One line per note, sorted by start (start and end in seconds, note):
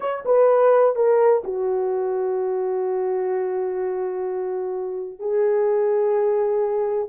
0.00 0.24 C#5
0.25 0.95 B4
0.95 1.43 A#4
1.43 5.19 F#4
5.19 7.08 G#4